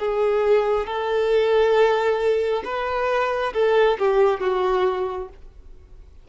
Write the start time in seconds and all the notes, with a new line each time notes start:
0.00 G#4
0.87 A4
2.65 B4
3.54 A4
3.99 G4
4.41 F#4